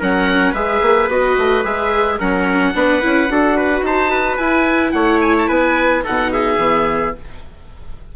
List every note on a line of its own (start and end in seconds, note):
0.00 0.53 F#3
0.00 0.55 C#4
0.00 0.52 A#4
0.00 0.54 F#5
0.52 0.81 G#3
0.52 1.10 G#4
0.52 2.17 B4
0.52 1.10 E5
0.82 1.09 A#3
1.09 1.36 B3
1.09 1.64 F#4
1.09 1.65 D#5
1.39 1.65 A3
1.64 2.20 G#3
1.64 2.19 G#4
1.64 2.20 E5
2.18 2.75 F#3
2.18 2.75 C#4
2.18 2.74 A#4
2.18 3.86 F#5
2.75 3.02 B3
2.75 3.02 D4
2.75 3.32 B4
3.02 3.30 C#4
3.02 3.29 E4
3.30 3.82 D4
3.30 4.39 F#4
3.30 3.57 A4
3.57 3.84 B4
3.82 4.37 D#4
3.82 4.11 C5
3.82 4.37 A5
4.11 4.94 B4
4.37 4.94 E4
4.37 6.03 E4
4.37 4.92 G#5
4.92 5.49 A3
4.92 5.48 C#5
4.92 5.19 F#5
5.21 5.35 G#5
5.39 5.49 A5
5.48 6.05 B3
5.48 6.03 B4
5.48 6.04 G#5
6.03 6.59 B2
6.03 6.58 D#4
6.03 6.32 A4
6.03 6.32 F#5
6.32 7.16 G#4
6.32 7.15 E5
6.59 7.14 E3
6.59 7.15 B3